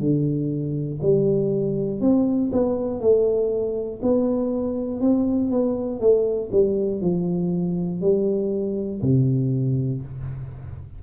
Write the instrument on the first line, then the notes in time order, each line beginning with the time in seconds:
tuba
0.00 D3
1.02 G3
2.00 C4
2.52 B3
3.00 A3
4.02 B3
5.01 C4
5.50 B3
6.00 A3
6.52 G3
7.01 F3
8.01 G3
9.02 C3